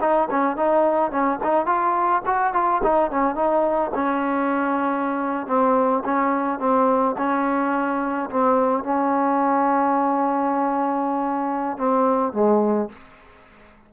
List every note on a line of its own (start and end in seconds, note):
0.00 0.28 D#4
0.30 0.56 C#4
0.56 1.11 D#4
1.11 1.39 C#4
1.43 1.66 D#4
1.66 2.22 F4
2.26 2.53 F#4
2.53 2.81 F4
2.83 3.11 D#4
3.11 3.35 C#4
3.35 3.91 D#4
3.94 5.47 C#4
5.47 6.03 C4
6.05 6.59 C#4
6.59 7.15 C4
7.17 8.29 C#4
8.29 8.83 C4
8.83 11.77 C#4
11.77 12.33 C4
12.33 12.89 G#3